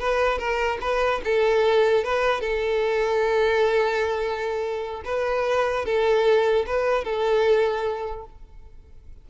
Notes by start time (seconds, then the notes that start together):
0.00 B4
0.39 A#4
0.81 B4
1.25 A4
2.04 B4
2.41 A4
5.05 B4
5.86 A4
6.67 B4
7.05 A4